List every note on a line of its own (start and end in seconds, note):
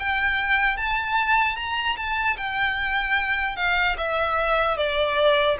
0.00 0.77 G5
0.77 1.57 A5
1.57 1.97 A#5
1.97 2.37 A5
2.37 3.57 G5
3.57 3.97 F5
3.98 4.77 E5
4.77 5.57 D5